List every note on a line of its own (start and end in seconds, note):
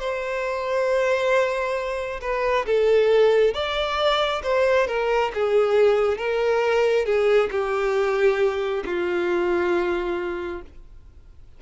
0.00 2.21 C5
2.22 2.66 B4
2.66 3.55 A4
3.55 4.43 D5
4.44 4.88 C5
4.88 5.32 A#4
5.35 6.18 G#4
6.18 7.06 A#4
7.06 7.50 G#4
7.52 8.84 G4
8.86 10.62 F4